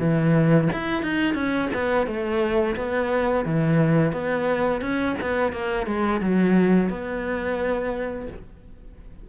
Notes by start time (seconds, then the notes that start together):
0.00 E3
0.73 E4
1.03 D#4
1.34 C#4
1.74 B3
2.07 A3
2.76 B3
3.45 E3
4.13 B3
4.81 C#4
5.21 B3
5.53 A#3
5.87 G#3
6.21 F#3
6.90 B3